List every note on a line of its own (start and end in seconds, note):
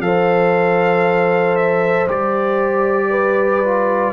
0.00 2.07 F3
0.00 2.08 A4
0.00 3.10 C5
0.00 1.56 F5
1.56 2.07 E5
2.08 4.13 G3
2.08 3.63 G4
2.08 4.13 D5
3.10 4.13 B4
3.64 4.13 F4